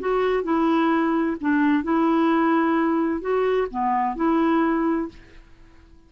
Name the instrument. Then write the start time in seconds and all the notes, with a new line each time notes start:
clarinet
0.00 F#4
0.43 E4
1.41 D4
1.83 E4
3.21 F#4
3.70 B3
4.16 E4